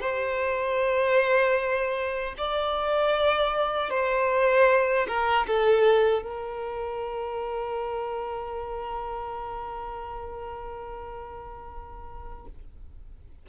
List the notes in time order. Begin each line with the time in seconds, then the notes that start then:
0.00 C5
2.37 D5
3.90 C5
5.07 A#4
5.46 A4
6.22 A#4